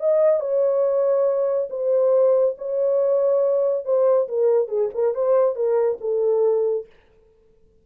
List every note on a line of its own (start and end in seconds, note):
0.00 0.41 D#5
0.41 1.69 C#5
1.70 2.56 C5
2.58 3.85 C#5
3.85 4.28 C5
4.29 4.69 A#4
4.69 4.90 G#4
4.95 5.15 A#4
5.15 5.56 C5
5.56 5.99 A#4
6.01 6.86 A4